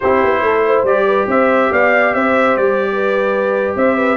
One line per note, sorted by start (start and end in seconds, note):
0.00 0.23 C4
0.00 0.87 E4
0.00 0.44 G4
0.00 0.83 C5
0.23 0.41 B3
0.41 0.83 A3
0.41 0.66 A4
0.66 1.06 C5
0.83 1.26 G3
0.83 4.17 G4
0.83 1.28 D5
1.06 1.28 B4
1.27 1.70 C4
1.27 1.71 C5
1.27 1.72 E5
1.71 2.14 B3
1.71 2.14 D5
1.71 2.14 F5
2.14 2.56 C4
2.14 2.89 C5
2.14 2.56 E5
2.56 3.74 G3
2.56 3.74 D5
2.92 3.76 B4
3.76 4.17 C4
3.76 3.96 C5
3.76 4.17 E5
3.96 4.17 B4